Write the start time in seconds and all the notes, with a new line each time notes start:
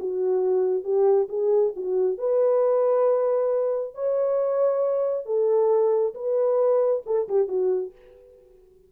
0.00 F#4
0.84 G4
1.30 G#4
1.76 F#4
2.19 B4
3.95 C#5
5.26 A4
6.15 B4
7.07 A4
7.29 G4
7.48 F#4